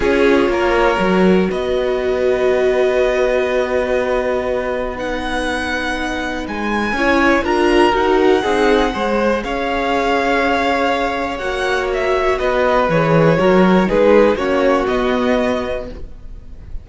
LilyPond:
<<
  \new Staff \with { instrumentName = "violin" } { \time 4/4 \tempo 4 = 121 cis''2. dis''4~ | dis''1~ | dis''2 fis''2~ | fis''4 gis''2 ais''4 |
fis''2. f''4~ | f''2. fis''4 | e''4 dis''4 cis''2 | b'4 cis''4 dis''2 | }
  \new Staff \with { instrumentName = "violin" } { \time 4/4 gis'4 ais'2 b'4~ | b'1~ | b'1~ | b'2 cis''4 ais'4~ |
ais'4 gis'4 c''4 cis''4~ | cis''1~ | cis''4 b'2 ais'4 | gis'4 fis'2. | }
  \new Staff \with { instrumentName = "viola" } { \time 4/4 f'2 fis'2~ | fis'1~ | fis'2 dis'2~ | dis'2 e'4 f'4 |
fis'4 dis'4 gis'2~ | gis'2. fis'4~ | fis'2 gis'4 fis'4 | dis'4 cis'4 b2 | }
  \new Staff \with { instrumentName = "cello" } { \time 4/4 cis'4 ais4 fis4 b4~ | b1~ | b1~ | b4 gis4 cis'4 d'4 |
dis'4 c'4 gis4 cis'4~ | cis'2. ais4~ | ais4 b4 e4 fis4 | gis4 ais4 b2 | }
>>